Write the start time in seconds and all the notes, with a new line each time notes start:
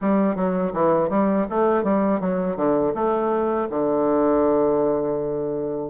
0.01 G3
0.35 F#3
0.73 E3
1.09 G3
1.49 A3
1.83 G3
2.20 F#3
2.56 D3
2.94 A3
3.70 D3